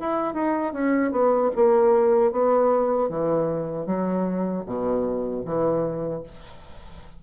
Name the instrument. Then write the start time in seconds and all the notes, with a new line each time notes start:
bassoon
0.00 E4
0.34 D#4
0.74 C#4
1.12 B3
1.56 A#3
2.32 B3
3.10 E3
3.86 F#3
4.66 B2
5.45 E3